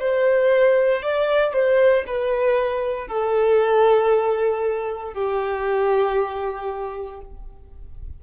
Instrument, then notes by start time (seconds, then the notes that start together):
violin
0.00 C5
1.03 D5
1.54 C5
2.07 B4
3.08 A4
5.14 G4